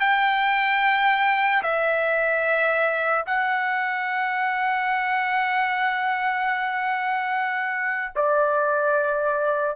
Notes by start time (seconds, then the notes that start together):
0.00 G5
1.63 E5
3.27 F#5
8.16 D5